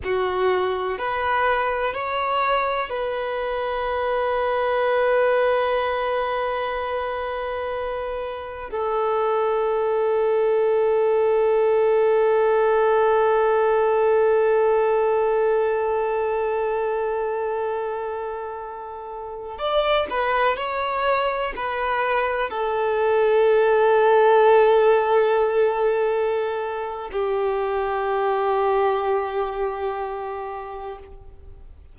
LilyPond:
\new Staff \with { instrumentName = "violin" } { \time 4/4 \tempo 4 = 62 fis'4 b'4 cis''4 b'4~ | b'1~ | b'4 a'2.~ | a'1~ |
a'1~ | a'16 d''8 b'8 cis''4 b'4 a'8.~ | a'1 | g'1 | }